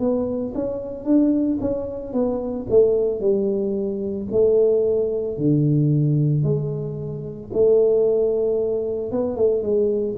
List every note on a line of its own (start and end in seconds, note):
0.00 0.54 B3
0.55 1.05 C#4
1.05 1.59 D4
1.61 2.13 C#4
2.13 2.67 B3
2.70 3.20 A3
3.20 4.28 G3
4.32 5.38 A3
5.38 6.44 D3
6.44 7.51 G#3
7.53 9.12 A3
9.12 9.37 B3
9.37 9.63 A3
9.63 10.16 G#3